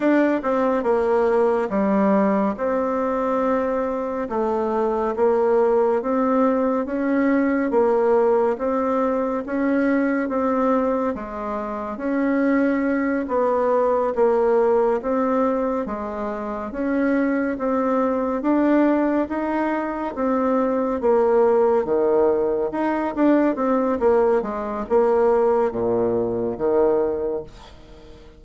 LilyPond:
\new Staff \with { instrumentName = "bassoon" } { \time 4/4 \tempo 4 = 70 d'8 c'8 ais4 g4 c'4~ | c'4 a4 ais4 c'4 | cis'4 ais4 c'4 cis'4 | c'4 gis4 cis'4. b8~ |
b8 ais4 c'4 gis4 cis'8~ | cis'8 c'4 d'4 dis'4 c'8~ | c'8 ais4 dis4 dis'8 d'8 c'8 | ais8 gis8 ais4 ais,4 dis4 | }